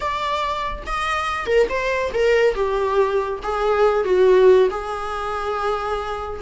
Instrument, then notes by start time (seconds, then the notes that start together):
viola
0.00 D5
0.86 D#5
1.46 A#4
1.69 C5
2.13 A#4
2.54 G4
3.43 G#4
4.04 F#4
4.70 G#4